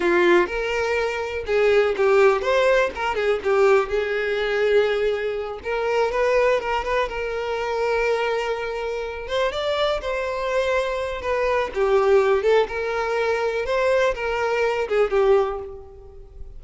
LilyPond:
\new Staff \with { instrumentName = "violin" } { \time 4/4 \tempo 4 = 123 f'4 ais'2 gis'4 | g'4 c''4 ais'8 gis'8 g'4 | gis'2.~ gis'8 ais'8~ | ais'8 b'4 ais'8 b'8 ais'4.~ |
ais'2. c''8 d''8~ | d''8 c''2~ c''8 b'4 | g'4. a'8 ais'2 | c''4 ais'4. gis'8 g'4 | }